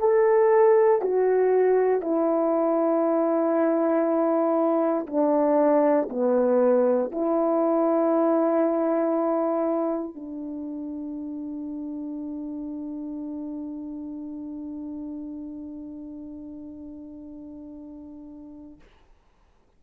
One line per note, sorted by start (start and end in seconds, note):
0.00 1.02 A4
1.02 2.02 F#4
2.02 5.07 E4
5.07 6.09 D4
6.10 7.11 B3
7.12 10.16 E4
10.16 18.80 D4